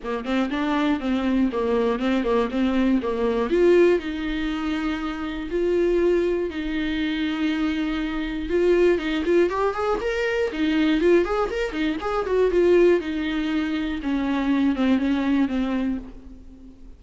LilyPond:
\new Staff \with { instrumentName = "viola" } { \time 4/4 \tempo 4 = 120 ais8 c'8 d'4 c'4 ais4 | c'8 ais8 c'4 ais4 f'4 | dis'2. f'4~ | f'4 dis'2.~ |
dis'4 f'4 dis'8 f'8 g'8 gis'8 | ais'4 dis'4 f'8 gis'8 ais'8 dis'8 | gis'8 fis'8 f'4 dis'2 | cis'4. c'8 cis'4 c'4 | }